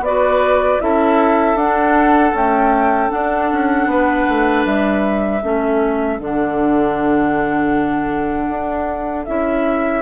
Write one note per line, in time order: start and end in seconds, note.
0.00 0.77 B3
0.00 0.81 D5
0.06 0.79 F#4
0.06 0.83 B4
0.79 1.55 C#4
0.79 1.56 E4
0.79 3.90 A4
0.79 1.58 E5
1.55 2.32 D4
1.55 2.34 D4
1.55 2.35 F#5
2.33 3.09 A3
2.33 3.10 C#4
2.33 3.11 G5
3.09 5.39 D4
3.09 3.52 D4
3.09 4.65 F#5
3.52 3.86 C#4
3.86 4.25 B3
3.86 5.43 B4
4.29 4.65 A3
4.65 5.42 G3
4.65 6.19 E5
5.43 6.20 A3
5.43 6.20 C#4
5.43 10.02 A4
6.19 8.49 D3
6.19 9.27 D4
6.19 9.25 F#5
8.49 9.26 D4
9.25 10.02 C#4
9.25 10.02 E4
9.25 10.02 E5